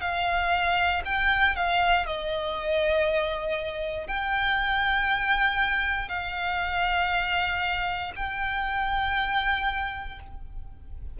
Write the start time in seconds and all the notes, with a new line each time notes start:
0.00 F5
1.04 G5
1.55 F5
2.06 D#5
4.07 G5
6.08 F5
8.15 G5